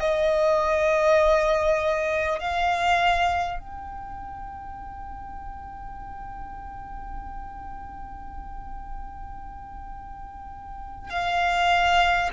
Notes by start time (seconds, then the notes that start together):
0.00 D#5
2.39 F5
3.59 G5
11.09 F5